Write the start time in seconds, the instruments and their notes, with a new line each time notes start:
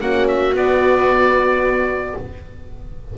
0.00 double bass A#3, horn C#4, viola F#4, oboe F#5
0.28 oboe E5
0.53 horn B3, double bass B3, oboe D5